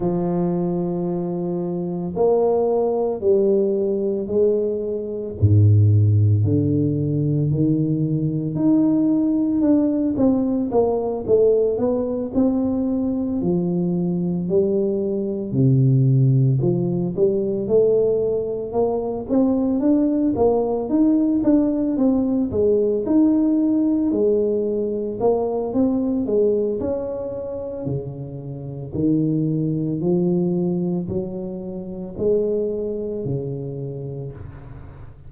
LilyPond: \new Staff \with { instrumentName = "tuba" } { \time 4/4 \tempo 4 = 56 f2 ais4 g4 | gis4 gis,4 d4 dis4 | dis'4 d'8 c'8 ais8 a8 b8 c'8~ | c'8 f4 g4 c4 f8 |
g8 a4 ais8 c'8 d'8 ais8 dis'8 | d'8 c'8 gis8 dis'4 gis4 ais8 | c'8 gis8 cis'4 cis4 dis4 | f4 fis4 gis4 cis4 | }